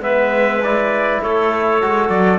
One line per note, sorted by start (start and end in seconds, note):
0.00 1.19 G#3
0.00 0.61 B3
0.00 1.22 B4
0.00 0.63 E5
0.64 1.82 E4
0.64 1.23 D5
1.22 1.83 A3
1.22 2.39 A4
1.22 2.10 C#5
1.82 2.10 G#3
1.82 2.39 F#4
2.10 2.39 F#3
2.10 2.39 D5